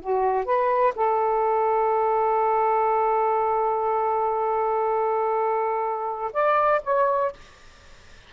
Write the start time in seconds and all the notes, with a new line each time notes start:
0.00 F#4
0.45 B4
0.95 A4
6.32 D5
6.83 C#5